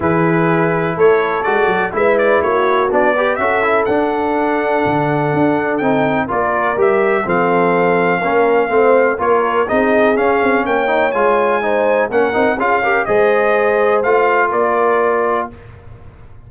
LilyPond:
<<
  \new Staff \with { instrumentName = "trumpet" } { \time 4/4 \tempo 4 = 124 b'2 cis''4 d''4 | e''8 d''8 cis''4 d''4 e''4 | fis''1 | g''4 d''4 e''4 f''4~ |
f''2. cis''4 | dis''4 f''4 g''4 gis''4~ | gis''4 fis''4 f''4 dis''4~ | dis''4 f''4 d''2 | }
  \new Staff \with { instrumentName = "horn" } { \time 4/4 gis'2 a'2 | b'4 fis'4. b'8 a'4~ | a'1~ | a'4 ais'2 a'4~ |
a'4 ais'4 c''4 ais'4 | gis'2 cis''2 | c''4 ais'4 gis'8 ais'8 c''4~ | c''2 ais'2 | }
  \new Staff \with { instrumentName = "trombone" } { \time 4/4 e'2. fis'4 | e'2 d'8 g'8 fis'8 e'8 | d'1 | dis'4 f'4 g'4 c'4~ |
c'4 cis'4 c'4 f'4 | dis'4 cis'4. dis'8 f'4 | dis'4 cis'8 dis'8 f'8 g'8 gis'4~ | gis'4 f'2. | }
  \new Staff \with { instrumentName = "tuba" } { \time 4/4 e2 a4 gis8 fis8 | gis4 ais4 b4 cis'4 | d'2 d4 d'4 | c'4 ais4 g4 f4~ |
f4 ais4 a4 ais4 | c'4 cis'8 c'8 ais4 gis4~ | gis4 ais8 c'8 cis'4 gis4~ | gis4 a4 ais2 | }
>>